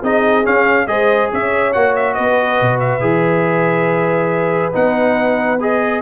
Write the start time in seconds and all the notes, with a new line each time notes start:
0.00 C4 D#4 G#4 D#5
0.44 C#4 F5
0.87 G#3 G#4 C5 D#5
1.31 C#4 C#5 E5
1.73 A#3 F#4 F#5
1.96 E5
2.14 B3 B4 D#5
2.61 B2
2.80 E5
3.01 E3 G#4
4.73 B3 D#4 F#5
5.60 G#4 D#5